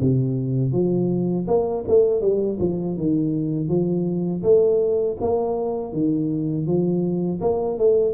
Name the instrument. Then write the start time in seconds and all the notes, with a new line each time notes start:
tuba
0.00 C3
0.72 F3
1.47 A#3
1.88 A3
2.21 G3
2.60 F3
2.97 D#3
3.68 F3
4.43 A3
5.21 A#3
5.93 D#3
6.66 F3
7.41 A#3
7.78 A3